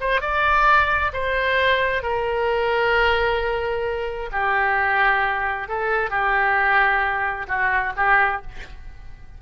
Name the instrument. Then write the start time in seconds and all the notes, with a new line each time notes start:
oboe
0.00 C5
0.20 D5
1.13 C5
2.02 A#4
4.32 G4
5.68 A4
6.10 G4
7.47 F#4
7.96 G4